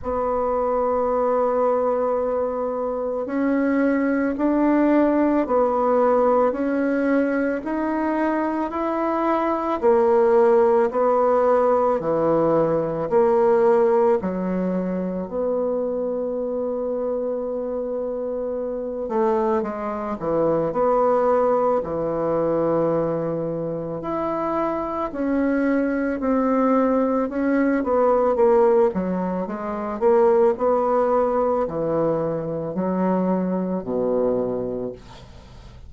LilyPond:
\new Staff \with { instrumentName = "bassoon" } { \time 4/4 \tempo 4 = 55 b2. cis'4 | d'4 b4 cis'4 dis'4 | e'4 ais4 b4 e4 | ais4 fis4 b2~ |
b4. a8 gis8 e8 b4 | e2 e'4 cis'4 | c'4 cis'8 b8 ais8 fis8 gis8 ais8 | b4 e4 fis4 b,4 | }